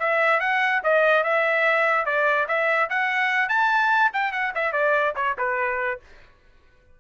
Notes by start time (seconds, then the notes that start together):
0.00 E5
0.41 F#5
0.84 D#5
1.24 E5
2.06 D5
2.48 E5
2.90 F#5
3.49 A5
4.14 G5
4.33 F#5
4.55 E5
4.73 D5
5.16 C#5
5.38 B4